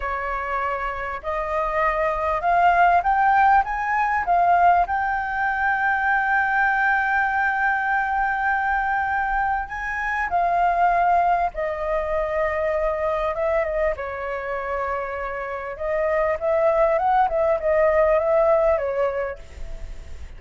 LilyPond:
\new Staff \with { instrumentName = "flute" } { \time 4/4 \tempo 4 = 99 cis''2 dis''2 | f''4 g''4 gis''4 f''4 | g''1~ | g''1 |
gis''4 f''2 dis''4~ | dis''2 e''8 dis''8 cis''4~ | cis''2 dis''4 e''4 | fis''8 e''8 dis''4 e''4 cis''4 | }